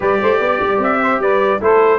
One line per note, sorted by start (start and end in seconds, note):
0.00 0.20 G3
0.00 1.59 G4
0.00 0.19 B4
0.00 0.82 D5
0.21 0.40 A3
0.21 0.39 C5
0.39 0.60 B3
0.39 0.99 D5
0.60 0.78 G3
0.78 1.18 C4
0.78 1.21 E5
1.01 1.21 C5
1.18 1.59 G3
1.18 1.61 B4
1.18 1.61 D5
1.61 1.99 A3
1.61 1.99 E4
1.61 1.99 A4
1.61 1.99 C5